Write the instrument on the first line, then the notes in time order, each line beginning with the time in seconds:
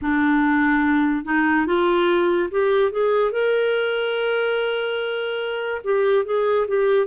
clarinet
0.01 D4
1.25 D#4
1.66 F4
2.50 G4
2.91 G#4
3.31 A#4
5.83 G4
6.25 G#4
6.67 G4